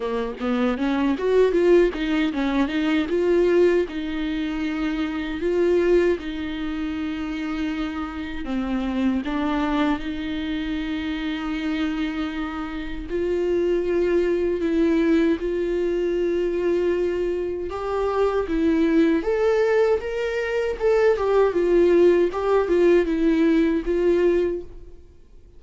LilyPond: \new Staff \with { instrumentName = "viola" } { \time 4/4 \tempo 4 = 78 ais8 b8 cis'8 fis'8 f'8 dis'8 cis'8 dis'8 | f'4 dis'2 f'4 | dis'2. c'4 | d'4 dis'2.~ |
dis'4 f'2 e'4 | f'2. g'4 | e'4 a'4 ais'4 a'8 g'8 | f'4 g'8 f'8 e'4 f'4 | }